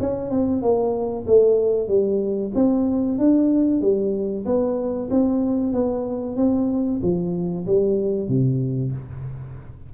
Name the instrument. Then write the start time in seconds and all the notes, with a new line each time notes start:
tuba
0.00 C#4
0.30 C4
0.62 A#3
1.27 A3
1.88 G3
2.55 C4
3.18 D4
3.81 G3
4.45 B3
5.10 C4
5.72 B3
6.36 C4
7.02 F3
7.66 G3
8.28 C3